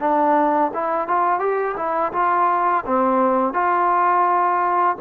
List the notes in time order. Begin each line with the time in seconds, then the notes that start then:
0.00 D4
0.74 E4
1.08 F4
1.40 G4
1.77 E4
2.13 F4
2.86 C4
3.53 F4